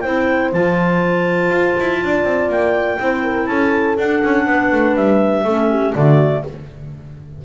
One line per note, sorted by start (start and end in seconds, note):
0.00 0.53 C4
0.00 0.53 E4
0.00 2.00 C5
0.00 0.49 G5
0.53 1.50 F3
0.53 2.99 F4
0.53 2.50 A5
1.50 1.74 F4
1.79 2.04 E4
2.02 2.24 D4
2.02 3.01 D5
2.24 2.49 C4
2.49 2.98 A#3
2.49 3.46 G5
2.99 3.48 C4
2.99 3.97 E4
2.99 3.23 C5
3.23 3.48 A#4
3.46 3.97 C#4
3.46 4.47 A4
3.46 3.95 A5
3.97 5.45 D4
3.97 4.22 D4
3.97 4.96 F#5
4.23 4.46 C#4
4.46 4.71 B3
4.46 5.45 B4
4.72 4.96 A3
4.96 5.44 G3
4.96 5.94 E5
5.44 5.93 A3
5.44 5.95 C#4
5.44 5.69 A4
5.69 5.94 G4
5.94 6.44 D3
5.94 6.44 A3
5.94 6.43 F#4
5.94 6.43 D5